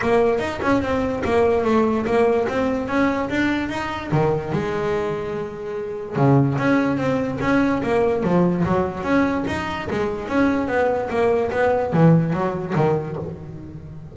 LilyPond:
\new Staff \with { instrumentName = "double bass" } { \time 4/4 \tempo 4 = 146 ais4 dis'8 cis'8 c'4 ais4 | a4 ais4 c'4 cis'4 | d'4 dis'4 dis4 gis4~ | gis2. cis4 |
cis'4 c'4 cis'4 ais4 | f4 fis4 cis'4 dis'4 | gis4 cis'4 b4 ais4 | b4 e4 fis4 dis4 | }